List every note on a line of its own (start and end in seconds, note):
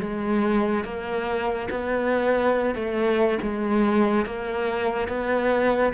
0.00 0.85 G#3
0.85 1.69 A#3
1.71 2.75 B3
2.75 3.39 A3
3.42 4.26 G#3
4.26 5.09 A#3
5.09 5.93 B3